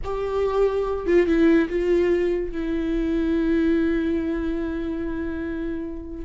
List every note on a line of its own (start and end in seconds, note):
0.04 1.06 G4
1.06 1.26 F4
1.26 1.68 E4
1.69 2.51 F4
2.51 6.24 E4